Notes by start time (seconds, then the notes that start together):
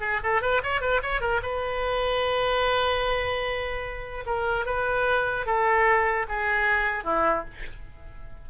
0.00 G#4
0.23 A4
0.41 B4
0.63 C#5
0.81 B4
1.02 C#5
1.20 A#4
1.42 B4
4.26 A#4
4.65 B4
5.45 A4
6.28 G#4
7.04 E4